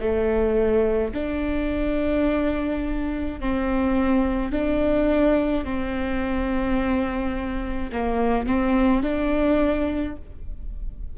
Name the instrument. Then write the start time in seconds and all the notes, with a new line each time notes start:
viola
0.00 A3
1.14 D4
3.40 C4
4.52 D4
5.64 C4
7.92 A#3
8.46 C4
9.03 D4